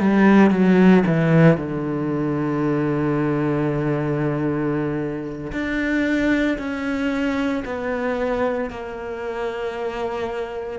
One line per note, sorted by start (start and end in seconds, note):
0.00 0.51 G3
0.51 1.03 F#3
1.07 1.57 E3
1.57 5.52 D3
5.53 6.58 D4
6.58 7.64 C#4
7.65 8.70 B3
8.70 10.79 A#3